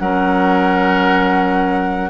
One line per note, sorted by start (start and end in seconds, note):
0.00 2.11 F#3
0.00 2.11 C#4
0.00 2.11 A#4
0.00 2.11 F#5